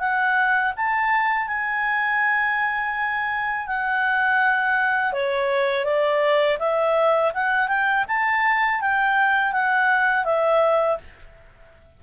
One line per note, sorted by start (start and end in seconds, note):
0.00 0.73 F#5
0.77 1.48 A5
1.48 3.67 G#5
3.68 5.13 F#5
5.13 5.85 C#5
5.85 6.58 D5
6.60 7.33 E5
7.34 7.68 F#5
7.68 8.05 G5
8.08 8.81 A5
8.81 9.53 G5
9.53 10.25 F#5
10.25 10.98 E5